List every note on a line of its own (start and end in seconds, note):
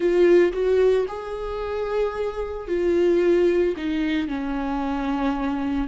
0.00 0.52 F4
0.53 1.06 F#4
1.07 2.67 G#4
2.67 3.74 F4
3.76 4.27 D#4
4.27 5.88 C#4